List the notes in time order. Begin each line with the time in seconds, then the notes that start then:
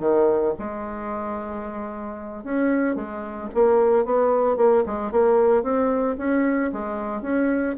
0.00 D#3
0.58 G#3
2.44 C#4
2.96 G#3
3.54 A#3
4.05 B3
4.57 A#3
4.86 G#3
5.12 A#3
5.63 C4
6.18 C#4
6.73 G#3
7.22 C#4